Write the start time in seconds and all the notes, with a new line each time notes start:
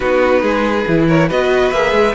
0.00 B3 D#4 F#4 B4
0.42 G#3 G#4
0.87 E3 E4
1.07 A#4 C#5
1.28 B3 F#4 B4 D#5
1.71 A#3 G#4 E5
1.92 G#3